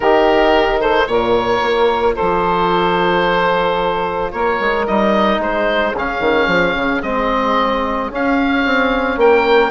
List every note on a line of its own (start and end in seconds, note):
0.00 1.07 D#3
0.00 1.08 D#4
0.00 0.80 G4
0.00 0.80 A#4
0.80 1.07 A4
0.80 1.07 C5
1.07 1.61 A#2
1.07 4.86 F4
1.07 2.14 A#4
1.07 2.15 C#5
1.61 2.15 A#3
2.14 4.30 A4
2.14 4.31 C5
2.21 4.33 F3
4.31 4.60 A#3
4.31 5.40 A#4
4.31 4.85 C#5
4.60 4.87 G#3
4.86 5.38 G3
4.86 5.94 D#4
4.86 5.41 D#5
5.38 5.92 G#3
5.38 9.18 G#4
5.38 5.95 C5
5.94 6.19 C#3
5.94 7.03 C#4
5.94 7.02 F5
6.19 6.47 D#3
6.47 6.74 F3
6.75 7.02 C#3
7.02 8.10 G#3
7.02 8.11 C4
7.02 8.10 D#5
8.10 8.64 C#4
8.10 9.71 C#4
8.10 9.19 F5
8.65 9.17 C4
9.17 9.71 A#3
9.17 9.71 A#4
9.17 9.71 G5